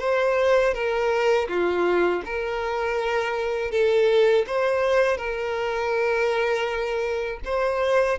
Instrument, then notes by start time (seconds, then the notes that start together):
violin
0.00 C5
0.74 A#4
1.48 F4
2.26 A#4
3.71 A4
4.47 C5
5.18 A#4
7.45 C5